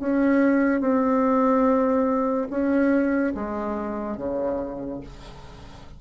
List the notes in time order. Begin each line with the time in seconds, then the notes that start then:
0.00 C#4
0.81 C4
2.50 C#4
3.35 G#3
4.17 C#3